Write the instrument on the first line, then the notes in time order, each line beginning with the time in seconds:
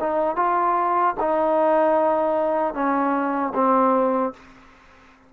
trombone
0.00 D#4
0.36 F4
1.20 D#4
2.74 C#4
3.55 C4